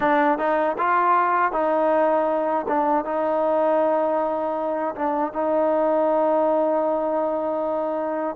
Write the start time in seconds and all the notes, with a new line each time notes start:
0.00 D4
0.38 D#4
0.78 F4
1.52 D#4
2.68 D4
3.04 D#4
4.95 D4
5.33 D#4